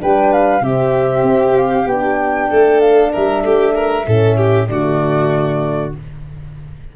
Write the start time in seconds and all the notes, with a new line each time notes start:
0.00 G3 D4 B4 G5
0.33 F5
0.61 C3 C4 G4 E5
1.23 C4
1.57 F5
1.87 B3 D4 G5
2.50 A3 A4
2.81 F5
3.12 G3 A#4 E5
3.43 A3 G4
3.75 A#4
4.07 A2 C#4 A4
4.38 G4
4.68 D3 A3 F#4 D5